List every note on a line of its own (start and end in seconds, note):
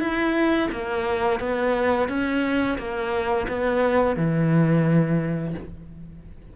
0.00 0.69 E4
0.71 1.40 A#3
1.40 2.09 B3
2.09 2.78 C#4
2.78 3.47 A#3
3.48 4.16 B3
4.16 5.54 E3